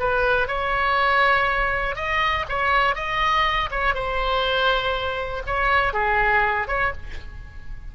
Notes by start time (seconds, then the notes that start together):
0.00 B4
0.48 C#5
1.96 D#5
2.49 C#5
2.96 D#5
3.71 C#5
3.95 C5
5.47 C#5
5.93 G#4
6.68 C#5